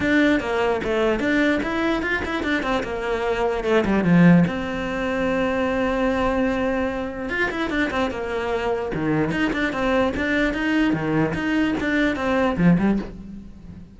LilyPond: \new Staff \with { instrumentName = "cello" } { \time 4/4 \tempo 4 = 148 d'4 ais4 a4 d'4 | e'4 f'8 e'8 d'8 c'8 ais4~ | ais4 a8 g8 f4 c'4~ | c'1~ |
c'2 f'8 e'8 d'8 c'8 | ais2 dis4 dis'8 d'8 | c'4 d'4 dis'4 dis4 | dis'4 d'4 c'4 f8 g8 | }